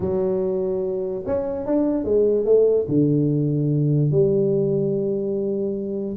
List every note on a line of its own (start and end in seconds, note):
0.00 1.23 F#3
1.25 1.66 C#4
1.66 2.04 D4
2.04 2.45 G#3
2.45 2.86 A3
2.88 4.11 D3
4.11 6.16 G3